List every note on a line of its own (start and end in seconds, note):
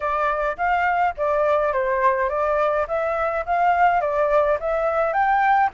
0.00 0.56 D5
0.57 1.14 F5
1.17 1.72 D5
1.72 2.29 C5
2.29 2.86 D5
2.87 3.44 E5
3.45 4.01 F5
4.01 4.58 D5
4.59 5.13 E5
5.13 5.70 G5